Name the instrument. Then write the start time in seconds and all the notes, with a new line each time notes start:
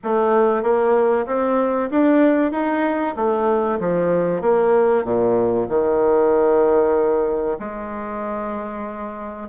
bassoon
0.03 A3
0.62 A#3
1.26 C4
1.90 D4
2.51 D#4
3.16 A3
3.79 F3
4.41 A#3
5.04 A#2
5.68 D#3
7.59 G#3